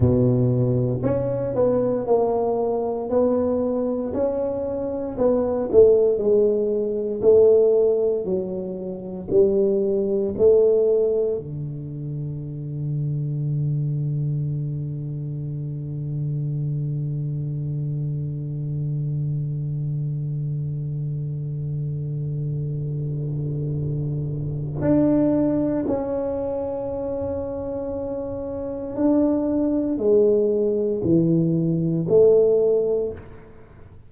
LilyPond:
\new Staff \with { instrumentName = "tuba" } { \time 4/4 \tempo 4 = 58 b,4 cis'8 b8 ais4 b4 | cis'4 b8 a8 gis4 a4 | fis4 g4 a4 d4~ | d1~ |
d1~ | d1 | d'4 cis'2. | d'4 gis4 e4 a4 | }